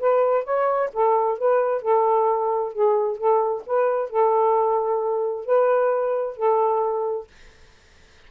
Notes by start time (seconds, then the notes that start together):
0.00 B4
0.44 C#5
0.93 A4
1.38 B4
1.82 A4
2.73 G#4
3.18 A4
3.66 B4
4.10 A4
5.46 B4
6.37 A4